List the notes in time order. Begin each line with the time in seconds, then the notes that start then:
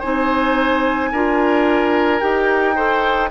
0.00 C4 D#4 C5 G#5
1.12 D4 F4 A#4
2.20 D#4 G4 G5
2.75 A4 C5